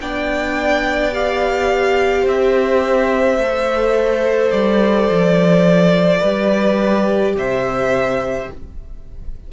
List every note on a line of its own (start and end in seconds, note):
0.00 2.26 B3
0.00 1.12 D4
0.00 2.22 D5
0.00 1.14 G5
1.12 3.38 G4
1.12 2.27 F5
2.22 3.38 C4
2.22 6.18 C5
2.22 4.51 E5
3.38 4.51 A3
3.38 6.25 A4
4.51 5.09 G3
4.51 7.34 D5
5.09 6.22 F3
6.20 7.35 G3
6.20 8.52 G4
6.20 7.33 B4
7.35 8.48 C3
7.35 8.51 C5
7.35 8.51 E5